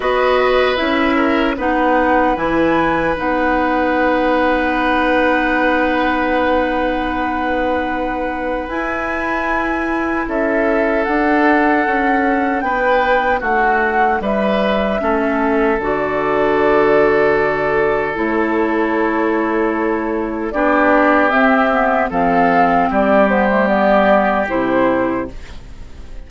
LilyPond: <<
  \new Staff \with { instrumentName = "flute" } { \time 4/4 \tempo 4 = 76 dis''4 e''4 fis''4 gis''4 | fis''1~ | fis''2. gis''4~ | gis''4 e''4 fis''2 |
g''4 fis''4 e''2 | d''2. cis''4~ | cis''2 d''4 e''4 | f''4 d''8 c''8 d''4 c''4 | }
  \new Staff \with { instrumentName = "oboe" } { \time 4/4 b'4. ais'8 b'2~ | b'1~ | b'1~ | b'4 a'2. |
b'4 fis'4 b'4 a'4~ | a'1~ | a'2 g'2 | a'4 g'2. | }
  \new Staff \with { instrumentName = "clarinet" } { \time 4/4 fis'4 e'4 dis'4 e'4 | dis'1~ | dis'2. e'4~ | e'2 d'2~ |
d'2. cis'4 | fis'2. e'4~ | e'2 d'4 c'8 b8 | c'4. b16 a16 b4 e'4 | }
  \new Staff \with { instrumentName = "bassoon" } { \time 4/4 b4 cis'4 b4 e4 | b1~ | b2. e'4~ | e'4 cis'4 d'4 cis'4 |
b4 a4 g4 a4 | d2. a4~ | a2 b4 c'4 | f4 g2 c4 | }
>>